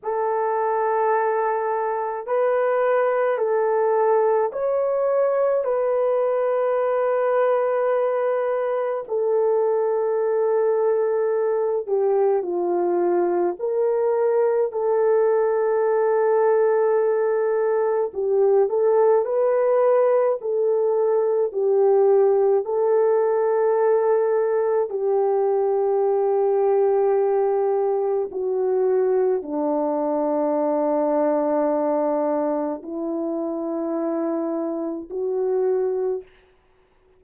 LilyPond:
\new Staff \with { instrumentName = "horn" } { \time 4/4 \tempo 4 = 53 a'2 b'4 a'4 | cis''4 b'2. | a'2~ a'8 g'8 f'4 | ais'4 a'2. |
g'8 a'8 b'4 a'4 g'4 | a'2 g'2~ | g'4 fis'4 d'2~ | d'4 e'2 fis'4 | }